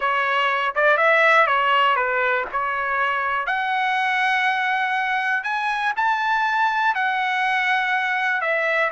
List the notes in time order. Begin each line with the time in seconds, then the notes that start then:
0.00 C#5
0.75 D5
0.97 E5
1.47 C#5
1.96 B4
2.52 C#5
3.46 F#5
5.43 G#5
5.96 A5
6.94 F#5
8.41 E5